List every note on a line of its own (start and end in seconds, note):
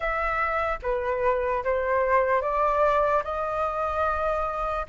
0.00 0.79 E5
0.82 1.63 B4
1.64 2.41 C5
2.41 3.22 D5
3.24 4.86 D#5